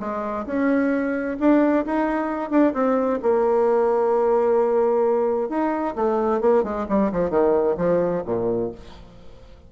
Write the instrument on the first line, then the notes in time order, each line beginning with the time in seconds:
bassoon
0.00 G#3
0.46 C#4
1.40 D4
1.86 D#4
2.51 D4
2.74 C4
3.23 A#3
5.50 D#4
5.96 A3
6.41 A#3
6.64 G#3
6.89 G3
7.12 F3
7.31 D#3
7.78 F3
8.26 A#2